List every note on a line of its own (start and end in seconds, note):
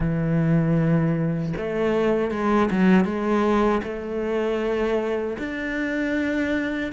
0.00 1.53 E3
1.57 2.31 A3
2.31 2.69 G#3
2.71 3.04 F#3
3.04 3.81 G#3
3.83 5.37 A3
5.38 6.92 D4